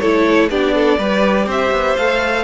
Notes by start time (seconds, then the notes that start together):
0.00 A3 E4 A4 C#5
0.50 B3 D4 G4 D5
0.75 A4
0.99 G3 G4 B4
1.47 C4 C5 E5
1.72 B3
1.97 A3 A4 F5